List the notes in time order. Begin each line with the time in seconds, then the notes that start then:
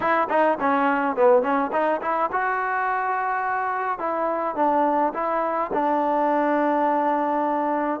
0.00 E4
0.29 D#4
0.59 C#4
1.16 B3
1.42 C#4
1.72 D#4
2.01 E4
2.31 F#4
3.98 E4
4.55 D4
5.13 E4
5.73 D4